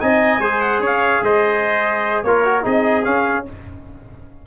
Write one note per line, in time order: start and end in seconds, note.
0.00 0.39 C4
0.00 0.41 D#4
0.00 0.40 D#5
0.00 0.61 G#5
0.39 0.79 G#3
0.39 2.26 G#4
0.39 0.81 C5
0.61 0.81 F#5
0.79 1.20 C#4
0.79 1.22 C#5
0.86 1.24 F5
1.22 2.24 G#3
1.22 2.26 C5
1.22 2.23 D#5
2.23 2.64 A#3
2.23 2.45 F4
2.23 2.65 A#4
2.23 2.64 C#5
2.45 2.62 F#4
2.62 3.06 C4
2.62 3.02 D#4
2.62 3.46 G#4
2.62 3.04 D#5
3.04 3.46 C#4
3.04 3.47 C#4
3.04 3.45 F5